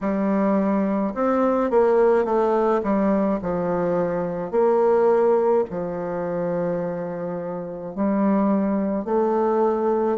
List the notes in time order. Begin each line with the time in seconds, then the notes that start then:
0.01 G3
1.14 C4
1.70 A#3
2.24 A3
2.83 G3
3.42 F3
4.51 A#3
5.70 F3
7.95 G3
9.05 A3